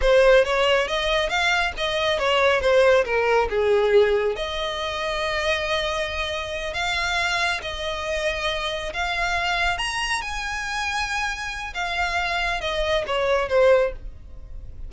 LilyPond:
\new Staff \with { instrumentName = "violin" } { \time 4/4 \tempo 4 = 138 c''4 cis''4 dis''4 f''4 | dis''4 cis''4 c''4 ais'4 | gis'2 dis''2~ | dis''2.~ dis''8 f''8~ |
f''4. dis''2~ dis''8~ | dis''8 f''2 ais''4 gis''8~ | gis''2. f''4~ | f''4 dis''4 cis''4 c''4 | }